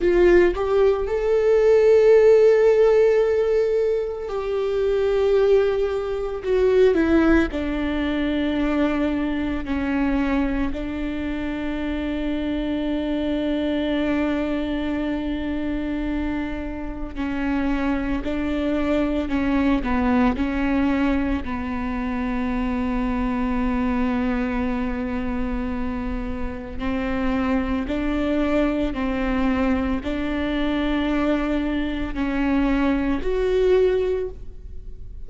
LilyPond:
\new Staff \with { instrumentName = "viola" } { \time 4/4 \tempo 4 = 56 f'8 g'8 a'2. | g'2 fis'8 e'8 d'4~ | d'4 cis'4 d'2~ | d'1 |
cis'4 d'4 cis'8 b8 cis'4 | b1~ | b4 c'4 d'4 c'4 | d'2 cis'4 fis'4 | }